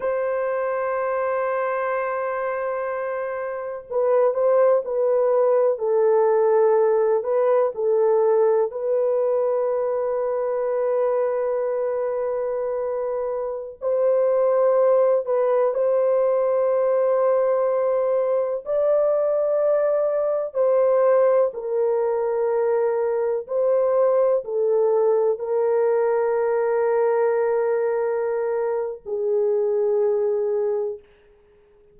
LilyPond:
\new Staff \with { instrumentName = "horn" } { \time 4/4 \tempo 4 = 62 c''1 | b'8 c''8 b'4 a'4. b'8 | a'4 b'2.~ | b'2~ b'16 c''4. b'16~ |
b'16 c''2. d''8.~ | d''4~ d''16 c''4 ais'4.~ ais'16~ | ais'16 c''4 a'4 ais'4.~ ais'16~ | ais'2 gis'2 | }